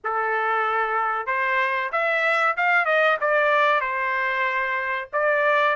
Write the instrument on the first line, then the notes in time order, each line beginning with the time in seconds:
trumpet
0.03 A4
1.26 C5
1.92 E5
2.56 F5
2.85 D#5
3.21 D5
3.80 C5
5.12 D5